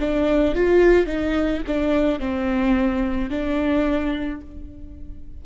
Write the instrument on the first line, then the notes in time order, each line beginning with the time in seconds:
viola
0.00 D4
0.56 F4
1.07 D#4
1.68 D4
2.20 C4
3.30 D4